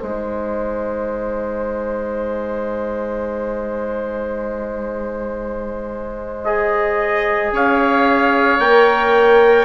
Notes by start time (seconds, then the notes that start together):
0.00 G#3 D#4 C5 G#5
6.44 G#4 D#5
7.52 C#4 C#5 F5
8.59 A#3 A#4 G5